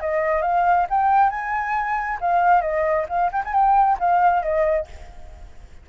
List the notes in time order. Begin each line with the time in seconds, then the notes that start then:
0.00 D#5
0.42 F5
0.89 G5
1.30 G#5
2.21 F5
2.61 D#5
3.09 F5
3.32 G5
3.44 G#5
3.53 G5
3.99 F5
4.43 D#5